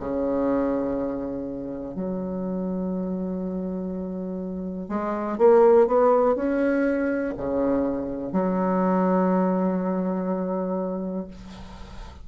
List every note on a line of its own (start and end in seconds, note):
0.00 1.95 C#3
1.95 4.89 F#3
4.89 5.38 G#3
5.38 5.87 A#3
5.87 6.36 B3
6.36 7.35 C#4
7.38 8.33 C#3
8.33 11.28 F#3